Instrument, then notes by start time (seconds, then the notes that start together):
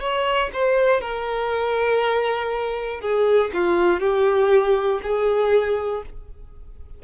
violin
0.00 C#5
0.54 C5
1.01 A#4
3.01 G#4
3.54 F4
4.00 G4
5.03 G#4